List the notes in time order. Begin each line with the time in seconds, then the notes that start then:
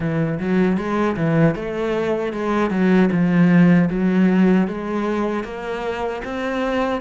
0.00 E3
0.39 F#3
0.77 G#3
1.16 E3
1.55 A3
2.32 G#3
2.70 F#3
3.11 F3
3.90 F#3
4.67 G#3
5.44 A#3
6.24 C4